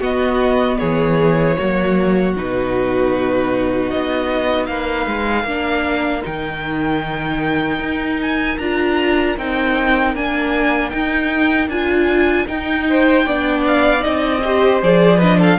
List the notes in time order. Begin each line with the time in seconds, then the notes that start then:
0.00 B3 F#4 D#5
0.78 E3 G#4 C#5
1.57 F#3 A#3 F#4
2.36 B2 D#4 B4
3.90 B3 D#5
4.66 A#3 B4 F5
5.06 G#3
5.43 A#3 D4 A#4
6.22 D#3 D#4 G5
7.79 D#4
8.21 G#5
8.58 D4 F4 A#5
9.37 C4 D#4 G5
10.14 A#3 D4 G#5
10.90 D#4 G5
11.67 D4 F4 G#5
12.46 D#4 G5
12.89 C5
13.25 B3 D4 D5
13.67 F5
13.99 D#4 D#5
14.05 C4
14.44 G4 C5
14.82 F3 G#4 D5
15.17 D4 B4 D#5
15.38 A4 F5